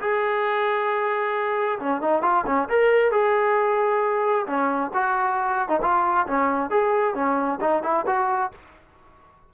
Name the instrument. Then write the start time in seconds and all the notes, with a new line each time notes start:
trombone
0.00 G#4
1.79 C#4
2.01 D#4
2.22 F4
2.46 C#4
2.69 A#4
3.11 G#4
4.47 C#4
4.94 F#4
5.69 D#4
5.82 F4
6.27 C#4
6.70 G#4
7.15 C#4
7.60 D#4
7.83 E4
8.06 F#4